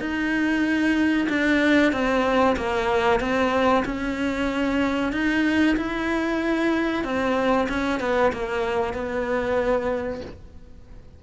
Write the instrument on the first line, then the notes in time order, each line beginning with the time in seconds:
cello
0.00 D#4
1.29 D4
1.92 C4
2.56 A#3
3.20 C4
3.85 C#4
5.13 D#4
5.77 E4
7.04 C4
7.69 C#4
8.00 B3
8.33 A#3
8.94 B3